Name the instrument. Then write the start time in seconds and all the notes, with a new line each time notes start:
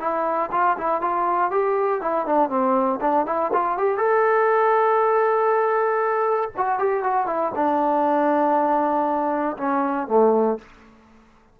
trombone
0.00 E4
0.52 F4
0.78 E4
1.02 F4
1.51 G4
2.01 E4
2.26 D4
2.49 C4
3.01 D4
3.26 E4
3.53 F4
3.78 G4
3.98 A4
6.57 F#4
6.79 G4
7.04 F#4
7.27 E4
7.55 D4
9.57 C#4
10.08 A3